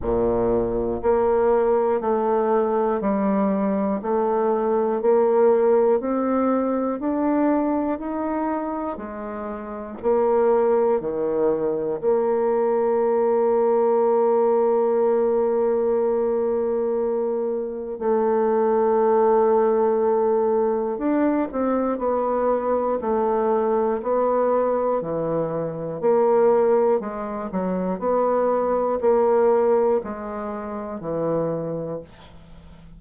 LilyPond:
\new Staff \with { instrumentName = "bassoon" } { \time 4/4 \tempo 4 = 60 ais,4 ais4 a4 g4 | a4 ais4 c'4 d'4 | dis'4 gis4 ais4 dis4 | ais1~ |
ais2 a2~ | a4 d'8 c'8 b4 a4 | b4 e4 ais4 gis8 fis8 | b4 ais4 gis4 e4 | }